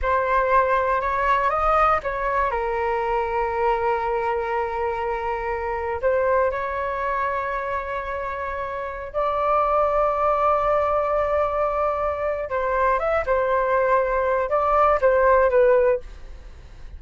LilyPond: \new Staff \with { instrumentName = "flute" } { \time 4/4 \tempo 4 = 120 c''2 cis''4 dis''4 | cis''4 ais'2.~ | ais'1 | c''4 cis''2.~ |
cis''2~ cis''16 d''4.~ d''16~ | d''1~ | d''4 c''4 e''8 c''4.~ | c''4 d''4 c''4 b'4 | }